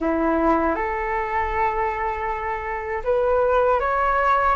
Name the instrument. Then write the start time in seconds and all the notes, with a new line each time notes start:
flute
0.00 E4
0.75 A4
3.03 B4
3.80 C#5